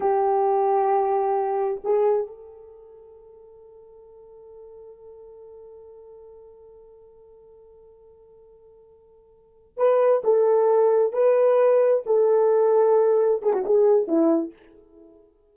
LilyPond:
\new Staff \with { instrumentName = "horn" } { \time 4/4 \tempo 4 = 132 g'1 | gis'4 a'2.~ | a'1~ | a'1~ |
a'1~ | a'4. b'4 a'4.~ | a'8 b'2 a'4.~ | a'4. gis'16 fis'16 gis'4 e'4 | }